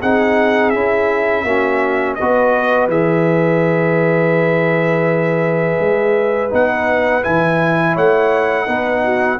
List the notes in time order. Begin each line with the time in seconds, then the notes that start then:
0.00 C4 D#4 G#4 F#5
0.70 C#4 E4 E5
1.44 A#3 C#4 F#4
2.15 B3 F#4 B4 D#5
2.87 E3 G#4 E5
5.80 G#3
6.50 B3 D#4 F#5
7.22 E3 E4 G#5
7.93 A3 C#5 F#5
8.66 B3 D#4 B4
9.04 F#4